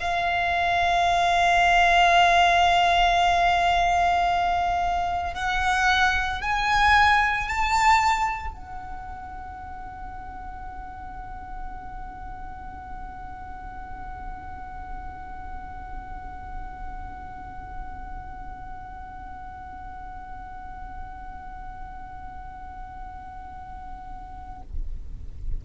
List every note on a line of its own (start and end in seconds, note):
0.00 5.34 F5
5.34 6.41 F#5
6.41 7.49 G#5
7.49 8.54 A5
8.54 24.61 F#5